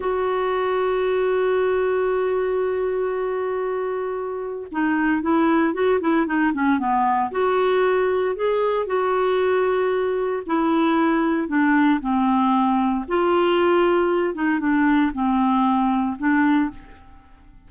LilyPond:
\new Staff \with { instrumentName = "clarinet" } { \time 4/4 \tempo 4 = 115 fis'1~ | fis'1~ | fis'4 dis'4 e'4 fis'8 e'8 | dis'8 cis'8 b4 fis'2 |
gis'4 fis'2. | e'2 d'4 c'4~ | c'4 f'2~ f'8 dis'8 | d'4 c'2 d'4 | }